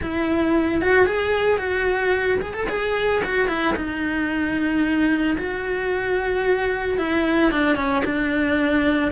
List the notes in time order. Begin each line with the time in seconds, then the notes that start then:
0.01 E4
0.81 F#4
1.06 G#4
1.58 F#4
2.41 G#4
2.53 A4
2.68 G#4
3.24 F#4
3.48 E4
3.76 D#4
5.37 F#4
6.98 E4
7.51 D4
7.76 C#4
8.05 D4